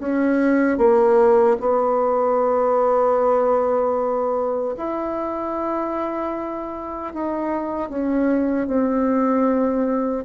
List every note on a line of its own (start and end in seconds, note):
0.00 0.78 C#4
0.78 1.57 A#3
1.60 4.76 B3
4.78 7.14 E4
7.14 7.90 D#4
7.90 8.67 C#4
8.67 10.25 C4